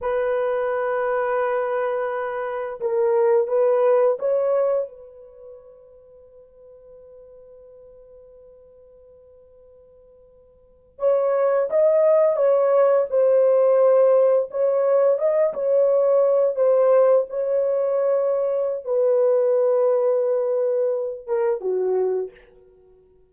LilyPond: \new Staff \with { instrumentName = "horn" } { \time 4/4 \tempo 4 = 86 b'1 | ais'4 b'4 cis''4 b'4~ | b'1~ | b'2.~ b'8. cis''16~ |
cis''8. dis''4 cis''4 c''4~ c''16~ | c''8. cis''4 dis''8 cis''4. c''16~ | c''8. cis''2~ cis''16 b'4~ | b'2~ b'8 ais'8 fis'4 | }